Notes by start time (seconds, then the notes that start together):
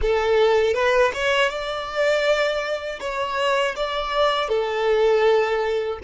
0.01 A4
0.74 B4
1.14 C#5
1.49 D5
3.00 C#5
3.76 D5
4.48 A4